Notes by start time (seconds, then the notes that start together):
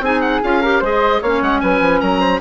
0.00 C4 D#4 G#4 G#5
0.21 F#5
0.43 C#4 F4 F5
0.61 G4 A#4
0.80 G#3 G#4 C5 D#5
1.21 A#3 C#4 C#5 F5
1.42 G#3 F#5
1.60 F#3 B4 G#5
1.81 F3
2.00 F#3 A#4 A#5
2.20 C5